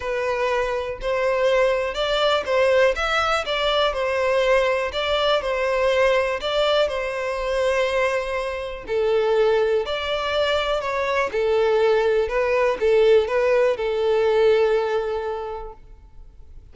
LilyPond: \new Staff \with { instrumentName = "violin" } { \time 4/4 \tempo 4 = 122 b'2 c''2 | d''4 c''4 e''4 d''4 | c''2 d''4 c''4~ | c''4 d''4 c''2~ |
c''2 a'2 | d''2 cis''4 a'4~ | a'4 b'4 a'4 b'4 | a'1 | }